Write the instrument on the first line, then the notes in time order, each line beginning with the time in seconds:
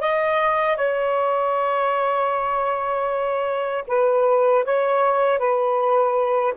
saxophone
0.00 D#5
0.77 C#5
3.87 B4
4.64 C#5
5.38 B4